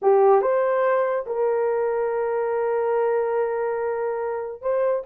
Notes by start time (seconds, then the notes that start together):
0.02 G4
0.41 C5
1.26 A#4
4.61 C5